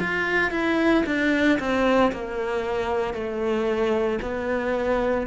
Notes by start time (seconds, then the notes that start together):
0.00 F4
0.52 E4
1.07 D4
1.60 C4
2.13 A#3
3.14 A3
4.22 B3